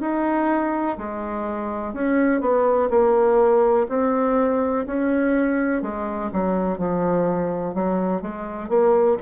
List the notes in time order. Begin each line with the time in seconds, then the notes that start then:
0.00 D#4
0.97 G#3
1.93 C#4
2.41 B3
2.90 A#3
3.88 C4
4.86 C#4
5.82 G#3
6.32 F#3
6.78 F3
7.74 F#3
8.21 G#3
8.68 A#3